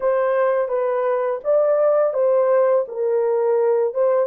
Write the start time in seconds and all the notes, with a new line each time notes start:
0.00 C5
0.68 B4
1.44 D5
2.13 C5
2.88 A#4
3.94 C5